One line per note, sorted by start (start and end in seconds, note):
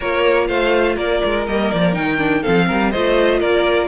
0.00 0.49 A#3
0.00 1.47 F4
0.00 0.47 A#4
0.00 0.47 C#5
0.47 0.96 A3
0.47 0.95 C5
0.47 0.96 F5
0.95 1.20 A#3
0.95 2.41 A#4
0.95 1.46 D5
1.24 1.47 G#3
1.47 1.71 G3
1.47 1.93 A#3
1.47 1.71 D#5
1.71 1.96 F3
1.71 1.94 D5
1.93 2.45 D#3
1.93 2.17 D#4
1.93 2.42 G5
2.17 2.42 D4
2.41 2.92 C4
2.41 2.65 A4
2.41 2.91 F5
2.47 2.70 F3
2.67 2.94 G3
2.67 2.91 A#4
2.91 3.41 A3
2.91 3.88 F4
2.91 3.39 C5
2.91 3.39 D#5
3.39 3.88 A#3
3.39 3.87 A#4
3.39 3.88 D5